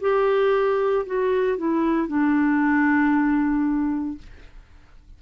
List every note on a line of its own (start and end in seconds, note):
0.00 1.05 G4
1.06 1.57 F#4
1.57 2.07 E4
2.07 4.18 D4